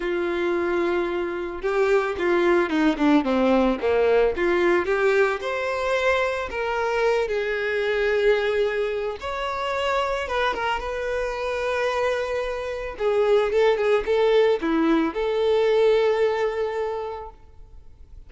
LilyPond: \new Staff \with { instrumentName = "violin" } { \time 4/4 \tempo 4 = 111 f'2. g'4 | f'4 dis'8 d'8 c'4 ais4 | f'4 g'4 c''2 | ais'4. gis'2~ gis'8~ |
gis'4 cis''2 b'8 ais'8 | b'1 | gis'4 a'8 gis'8 a'4 e'4 | a'1 | }